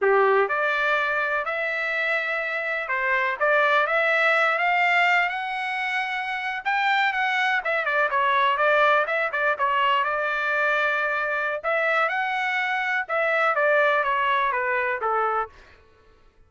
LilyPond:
\new Staff \with { instrumentName = "trumpet" } { \time 4/4 \tempo 4 = 124 g'4 d''2 e''4~ | e''2 c''4 d''4 | e''4. f''4. fis''4~ | fis''4.~ fis''16 g''4 fis''4 e''16~ |
e''16 d''8 cis''4 d''4 e''8 d''8 cis''16~ | cis''8. d''2.~ d''16 | e''4 fis''2 e''4 | d''4 cis''4 b'4 a'4 | }